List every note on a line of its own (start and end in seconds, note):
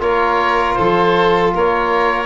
0.00 0.76 A#3
0.00 2.26 F4
0.00 0.78 A#4
0.00 0.74 C#5
0.74 1.54 F3
0.74 1.54 A4
0.74 1.50 C5
1.54 2.26 A#3
1.54 2.26 A#4
1.54 2.26 C#5